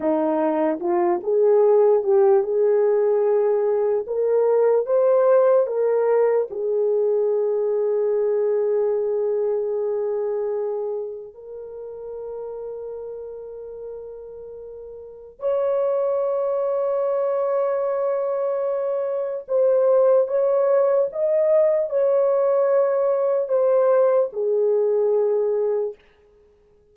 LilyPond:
\new Staff \with { instrumentName = "horn" } { \time 4/4 \tempo 4 = 74 dis'4 f'8 gis'4 g'8 gis'4~ | gis'4 ais'4 c''4 ais'4 | gis'1~ | gis'2 ais'2~ |
ais'2. cis''4~ | cis''1 | c''4 cis''4 dis''4 cis''4~ | cis''4 c''4 gis'2 | }